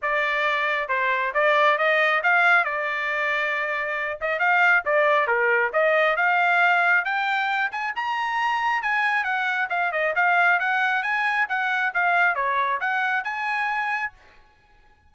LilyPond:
\new Staff \with { instrumentName = "trumpet" } { \time 4/4 \tempo 4 = 136 d''2 c''4 d''4 | dis''4 f''4 d''2~ | d''4. dis''8 f''4 d''4 | ais'4 dis''4 f''2 |
g''4. gis''8 ais''2 | gis''4 fis''4 f''8 dis''8 f''4 | fis''4 gis''4 fis''4 f''4 | cis''4 fis''4 gis''2 | }